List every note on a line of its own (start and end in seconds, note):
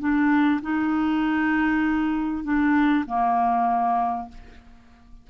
0.00 0.61 D4
0.62 2.44 D#4
2.44 3.06 D4
3.07 4.29 A#3